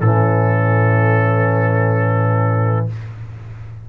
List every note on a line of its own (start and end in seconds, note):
0.00 2.86 A2
0.00 2.89 E3
0.00 2.88 C#4
0.00 2.86 A4